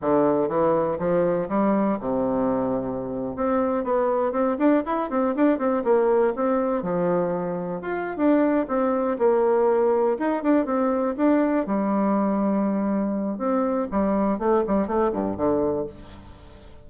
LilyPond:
\new Staff \with { instrumentName = "bassoon" } { \time 4/4 \tempo 4 = 121 d4 e4 f4 g4 | c2~ c8. c'4 b16~ | b8. c'8 d'8 e'8 c'8 d'8 c'8 ais16~ | ais8. c'4 f2 f'16~ |
f'8 d'4 c'4 ais4.~ | ais8 dis'8 d'8 c'4 d'4 g8~ | g2. c'4 | g4 a8 g8 a8 g,8 d4 | }